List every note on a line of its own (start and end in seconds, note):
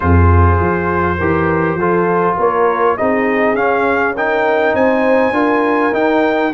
0.00 0.59 F2
0.00 1.17 F4
0.00 1.18 G#4
0.00 2.37 C5
0.59 1.19 F3
1.18 1.75 E3
1.18 1.80 G4
1.18 1.77 A#4
1.75 2.34 F3
1.75 2.98 F4
1.75 2.36 A4
2.36 2.97 A#3
2.36 2.95 A#4
2.36 2.97 C#5
2.97 3.54 C4
2.97 3.56 D#4
2.97 4.16 G#4
2.97 3.55 D#5
3.54 4.73 C#4
3.54 4.15 C#4
3.54 4.15 F5
4.16 5.33 D#4
4.16 4.75 A#4
4.16 4.75 G5
4.73 5.31 C4
4.73 5.33 C5
4.73 5.94 G#5
5.31 5.91 D4
5.31 5.92 F4
5.31 6.52 A#4
5.92 6.52 D#4
5.92 6.53 G5